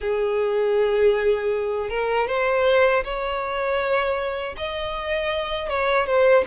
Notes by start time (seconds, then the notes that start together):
0.00 G#4
1.90 A#4
2.28 C5
3.03 C#5
4.57 D#5
5.69 C#5
6.06 C5